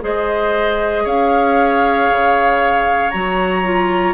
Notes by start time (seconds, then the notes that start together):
0.00 G#3 G#4 C5 D#5
1.03 C#4 C#5 F5
2.11 C#3
3.10 F#3 F#4 A#5
3.64 F4